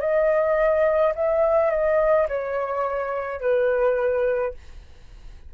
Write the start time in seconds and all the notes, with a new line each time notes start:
0.00 D#5
1.15 E5
1.70 D#5
2.28 C#5
3.41 B4